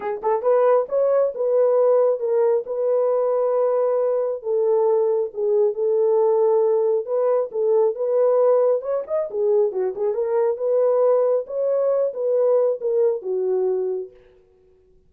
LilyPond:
\new Staff \with { instrumentName = "horn" } { \time 4/4 \tempo 4 = 136 gis'8 a'8 b'4 cis''4 b'4~ | b'4 ais'4 b'2~ | b'2 a'2 | gis'4 a'2. |
b'4 a'4 b'2 | cis''8 dis''8 gis'4 fis'8 gis'8 ais'4 | b'2 cis''4. b'8~ | b'4 ais'4 fis'2 | }